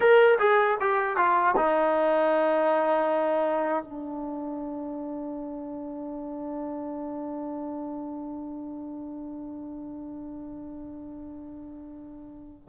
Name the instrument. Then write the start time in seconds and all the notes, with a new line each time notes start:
trombone
0.00 A#4
0.38 G#4
0.80 G4
1.16 F4
1.56 D#4
3.84 D4